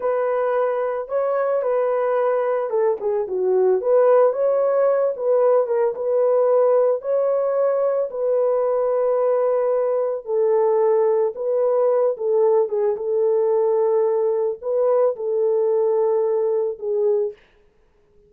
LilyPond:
\new Staff \with { instrumentName = "horn" } { \time 4/4 \tempo 4 = 111 b'2 cis''4 b'4~ | b'4 a'8 gis'8 fis'4 b'4 | cis''4. b'4 ais'8 b'4~ | b'4 cis''2 b'4~ |
b'2. a'4~ | a'4 b'4. a'4 gis'8 | a'2. b'4 | a'2. gis'4 | }